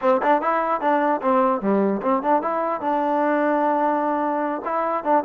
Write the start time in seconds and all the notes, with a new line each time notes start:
0.01 C4
0.22 D4
0.41 E4
0.80 D4
1.21 C4
1.61 G3
2.02 C4
2.22 D4
2.42 E4
2.80 D4
4.65 E4
5.03 D4